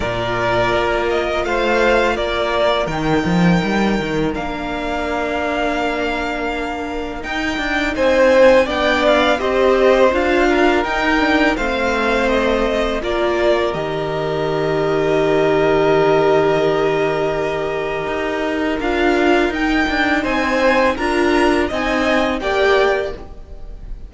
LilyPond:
<<
  \new Staff \with { instrumentName = "violin" } { \time 4/4 \tempo 4 = 83 d''4. dis''8 f''4 d''4 | g''2 f''2~ | f''2 g''4 gis''4 | g''8 f''8 dis''4 f''4 g''4 |
f''4 dis''4 d''4 dis''4~ | dis''1~ | dis''2 f''4 g''4 | gis''4 ais''4 gis''4 g''4 | }
  \new Staff \with { instrumentName = "violin" } { \time 4/4 ais'2 c''4 ais'4~ | ais'1~ | ais'2. c''4 | d''4 c''4. ais'4. |
c''2 ais'2~ | ais'1~ | ais'1 | c''4 ais'4 dis''4 d''4 | }
  \new Staff \with { instrumentName = "viola" } { \time 4/4 f'1 | dis'2 d'2~ | d'2 dis'2 | d'4 g'4 f'4 dis'8 d'8 |
c'2 f'4 g'4~ | g'1~ | g'2 f'4 dis'4~ | dis'4 f'4 dis'4 g'4 | }
  \new Staff \with { instrumentName = "cello" } { \time 4/4 ais,4 ais4 a4 ais4 | dis8 f8 g8 dis8 ais2~ | ais2 dis'8 d'8 c'4 | b4 c'4 d'4 dis'4 |
a2 ais4 dis4~ | dis1~ | dis4 dis'4 d'4 dis'8 d'8 | c'4 d'4 c'4 ais4 | }
>>